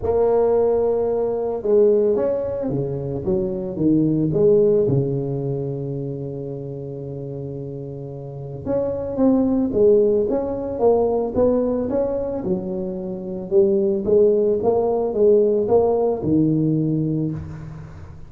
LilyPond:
\new Staff \with { instrumentName = "tuba" } { \time 4/4 \tempo 4 = 111 ais2. gis4 | cis'4 cis4 fis4 dis4 | gis4 cis2.~ | cis1 |
cis'4 c'4 gis4 cis'4 | ais4 b4 cis'4 fis4~ | fis4 g4 gis4 ais4 | gis4 ais4 dis2 | }